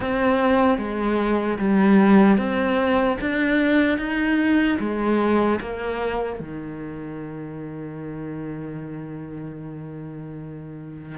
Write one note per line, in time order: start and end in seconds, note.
0.00 0.78 C4
0.78 1.58 G#3
1.58 2.37 G3
2.37 3.17 C4
3.20 3.97 D4
3.97 4.77 D#4
4.79 5.59 G#3
5.60 6.39 A#3
6.39 11.17 D#3